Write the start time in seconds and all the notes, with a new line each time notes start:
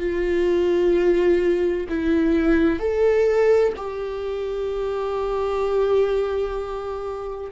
0.00 F4
1.89 E4
2.80 A4
3.77 G4